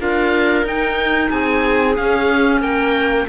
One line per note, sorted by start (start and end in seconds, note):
0.00 0.64 D4
0.00 0.65 F4
0.00 1.31 A#4
0.00 0.66 F5
0.64 1.29 D#4
0.64 1.96 D#4
0.64 1.31 G5
1.31 1.98 C4
1.31 2.61 G#4
1.31 1.96 G#5
1.96 2.61 C#4
1.96 3.29 C#4
1.96 2.62 F5
2.61 3.26 A#3
2.61 3.27 A#4
2.61 3.27 G5